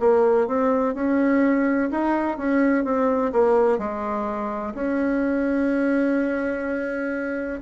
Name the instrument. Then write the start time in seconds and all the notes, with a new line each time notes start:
bassoon
0.00 A#3
0.48 C4
0.95 C#4
1.91 D#4
2.38 C#4
2.84 C4
3.32 A#3
3.79 G#3
4.74 C#4